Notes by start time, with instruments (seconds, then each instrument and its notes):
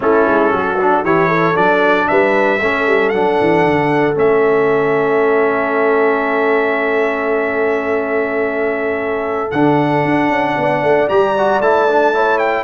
0.00 tuba A3, trombone C#4, horn E4, trumpet A4
0.26 tuba G#3
0.51 tuba F#3, horn F#4
0.81 trombone D4
1.03 tuba E3, trombone E4, horn G4, trumpet C#5
1.28 horn A4
1.54 tuba F#3, trombone D4, trumpet D5
2.08 tuba G3, horn B4, trumpet E5
2.60 tuba A3, trombone C#4, horn A4
2.87 tuba G3
3.09 tuba F#3, trombone D4, trumpet F#5
3.40 tuba E3
3.65 tuba D3
4.14 tuba A3, trombone C#4, trumpet E5
9.51 tuba D3, trombone D4, trumpet F#5
10.05 tuba D4
10.29 tuba C#4
10.56 tuba B3, horn D5
10.82 tuba A3
11.08 tuba G3, trombone G4, trumpet A#5
11.38 trombone F#4
11.60 tuba A3, trombone E4, trumpet A5
11.89 trombone D4
12.13 trombone E4, horn C#5
12.38 trumpet G5